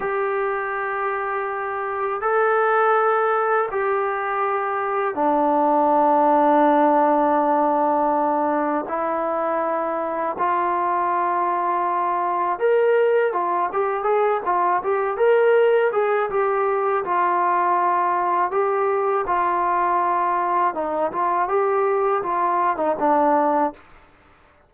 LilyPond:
\new Staff \with { instrumentName = "trombone" } { \time 4/4 \tempo 4 = 81 g'2. a'4~ | a'4 g'2 d'4~ | d'1 | e'2 f'2~ |
f'4 ais'4 f'8 g'8 gis'8 f'8 | g'8 ais'4 gis'8 g'4 f'4~ | f'4 g'4 f'2 | dis'8 f'8 g'4 f'8. dis'16 d'4 | }